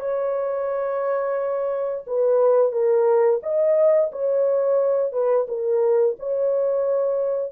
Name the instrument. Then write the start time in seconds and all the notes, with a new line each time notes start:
horn
0.00 C#5
2.07 B4
2.72 A#4
3.42 D#5
4.12 C#5
5.12 B4
5.48 A#4
6.19 C#5